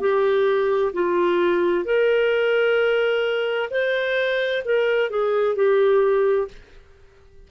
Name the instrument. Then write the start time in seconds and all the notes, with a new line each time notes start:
clarinet
0.00 G4
0.93 F4
1.85 A#4
3.70 C5
4.65 A#4
5.10 G#4
5.56 G4